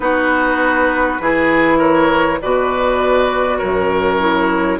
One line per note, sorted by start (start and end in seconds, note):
0.00 1.19 B3
0.00 1.19 D#4
0.00 1.21 F#4
0.00 1.78 B4
1.20 2.40 E3
1.20 2.41 E4
1.20 1.78 G#4
1.78 2.38 A#4
1.78 2.40 C#5
2.41 3.61 B2
2.41 4.19 F#4
2.41 3.58 B4
2.41 3.58 D5
3.58 4.80 F#2
3.58 4.78 A#4
3.58 4.78 C#5
4.19 4.79 E4